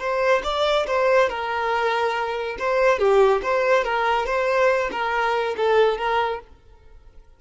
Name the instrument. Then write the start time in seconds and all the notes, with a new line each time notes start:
violin
0.00 C5
0.44 D5
0.87 C5
1.30 A#4
2.59 C5
2.99 G4
3.43 C5
3.85 A#4
4.27 C5
4.92 A#4
5.57 A4
5.98 A#4